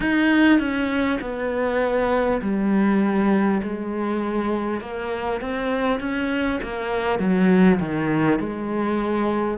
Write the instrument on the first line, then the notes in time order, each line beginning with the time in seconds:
cello
0.00 D#4
0.59 C#4
1.21 B3
2.41 G3
3.62 G#3
4.80 A#3
5.41 C4
6.00 C#4
6.62 A#3
7.19 F#3
7.79 D#3
8.39 G#3